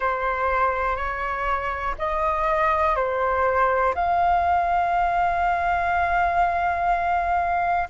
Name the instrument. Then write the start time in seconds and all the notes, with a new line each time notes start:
flute
0.00 C5
0.96 C#5
1.98 D#5
2.95 C5
3.94 F5